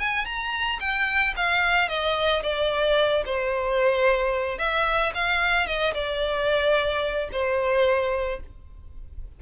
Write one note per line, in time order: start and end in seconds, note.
0.00 0.26 G#5
0.26 0.80 A#5
0.80 1.34 G5
1.37 1.89 F5
1.89 2.43 D#5
2.43 3.24 D5
3.26 4.59 C5
4.59 5.13 E5
5.15 5.67 F5
5.67 5.94 D#5
5.94 7.29 D5
7.32 8.41 C5